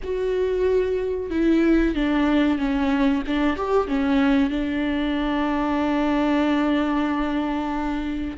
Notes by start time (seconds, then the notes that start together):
0.03 F#4
1.30 E4
1.94 D4
2.58 C#4
3.26 D4
3.56 G4
3.87 C#4
4.50 D4